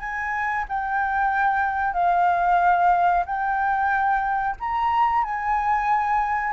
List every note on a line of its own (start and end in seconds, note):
0.00 0.65 G#5
0.68 1.94 G5
1.94 3.24 F5
3.25 4.56 G5
4.60 5.24 A#5
5.24 6.53 G#5